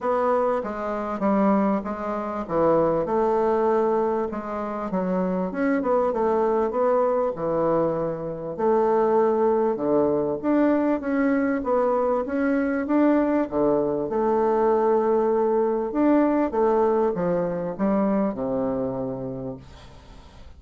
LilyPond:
\new Staff \with { instrumentName = "bassoon" } { \time 4/4 \tempo 4 = 98 b4 gis4 g4 gis4 | e4 a2 gis4 | fis4 cis'8 b8 a4 b4 | e2 a2 |
d4 d'4 cis'4 b4 | cis'4 d'4 d4 a4~ | a2 d'4 a4 | f4 g4 c2 | }